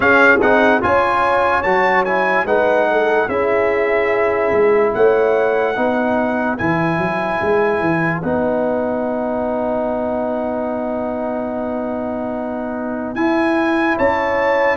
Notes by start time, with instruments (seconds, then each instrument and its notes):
0.00 tuba C#4, trombone C#4, horn G#4, trumpet F5
0.41 tuba C4, trombone D#4, trumpet F#5
0.81 tuba C#4, trombone F4, horn C#5, trumpet G#5
1.62 tuba F#3, trombone F#4, trumpet A5
2.04 trombone E4, trumpet G#5
2.45 tuba G#3, trombone D#4, horn B4, trumpet F#5
2.90 horn A4
3.27 tuba C#4, trombone E4, horn G#4, trumpet E5
4.52 tuba G#3
4.93 tuba A3, horn C#5, trumpet F#5
5.75 tuba B3, trombone D#4, horn B4
6.57 tuba E3, trombone E4, trumpet G#5
6.98 tuba F#3
7.41 tuba G#3
7.80 tuba E3
8.21 tuba B3, trombone D#4, trumpet F#5
13.14 tuba E4, trombone E4, trumpet G#5
13.96 tuba C#4, horn C#5, trumpet A5